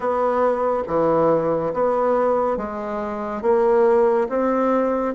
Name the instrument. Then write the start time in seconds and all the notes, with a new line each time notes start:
bassoon
0.00 B3
0.87 E3
1.73 B3
2.57 G#3
3.41 A#3
4.29 C4